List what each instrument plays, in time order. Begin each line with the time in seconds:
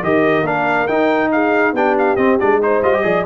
0.00 tuba D#3, trombone G4, horn A#4, trumpet D#5
0.42 tuba A#3, trombone D4, trumpet F5
0.87 tuba D#4, trombone D#4, trumpet G5
1.31 horn G#4, trumpet F5
1.72 tuba B3, trombone D4, horn G4, trumpet G5
1.98 trumpet F5
2.16 tuba C4, trombone C4, trumpet D#5
2.39 tuba G#3, trombone D4, trumpet D5
2.61 trombone D#4, horn C5, trumpet C5
2.82 tuba G3, trombone F4, trumpet D#5
2.93 trombone G4
3.03 tuba F3, trombone G#4, horn D5